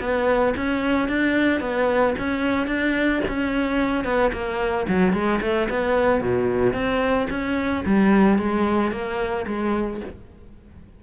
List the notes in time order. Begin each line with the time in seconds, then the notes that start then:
0.00 B3
0.56 C#4
1.08 D4
1.60 B3
2.18 C#4
2.67 D4
3.28 C#4
4.04 B3
4.32 A#3
4.88 F#3
5.13 G#3
5.41 A3
5.69 B3
6.21 B2
6.73 C4
7.30 C#4
7.85 G3
8.38 G#3
8.91 A#3
9.47 G#3